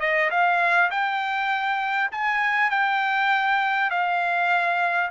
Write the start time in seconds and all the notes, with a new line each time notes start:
0.00 D#5
0.30 F5
0.91 G5
2.11 G#5
2.70 G5
3.90 F5